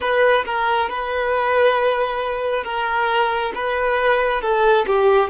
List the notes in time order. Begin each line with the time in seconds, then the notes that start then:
0.00 B4
0.45 A#4
0.89 B4
2.64 A#4
3.54 B4
4.41 A4
4.86 G4